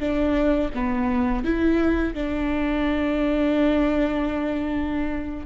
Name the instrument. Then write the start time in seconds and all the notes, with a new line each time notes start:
viola
0.00 D4
0.74 B3
1.44 E4
2.14 D4